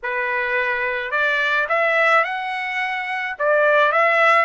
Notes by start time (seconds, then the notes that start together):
0.03 B4
1.11 D5
1.68 E5
2.24 F#5
3.38 D5
3.92 E5